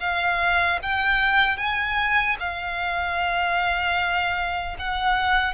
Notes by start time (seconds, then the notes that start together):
0.00 F5
0.82 G5
1.57 G#5
2.40 F5
4.79 F#5